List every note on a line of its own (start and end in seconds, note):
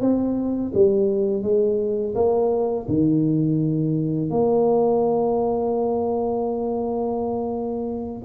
0.00 0.71 C4
0.74 1.42 G3
1.42 2.14 G#3
2.15 2.86 A#3
2.88 4.30 D#3
4.30 8.23 A#3